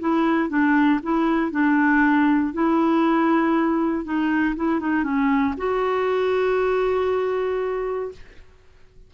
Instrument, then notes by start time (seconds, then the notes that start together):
clarinet
0.00 E4
0.49 D4
1.03 E4
1.52 D4
2.54 E4
4.05 D#4
4.56 E4
4.80 D#4
5.04 C#4
5.58 F#4